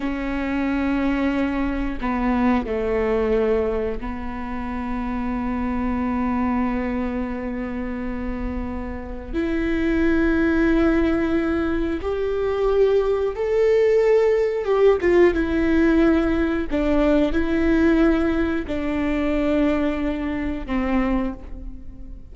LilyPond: \new Staff \with { instrumentName = "viola" } { \time 4/4 \tempo 4 = 90 cis'2. b4 | a2 b2~ | b1~ | b2 e'2~ |
e'2 g'2 | a'2 g'8 f'8 e'4~ | e'4 d'4 e'2 | d'2. c'4 | }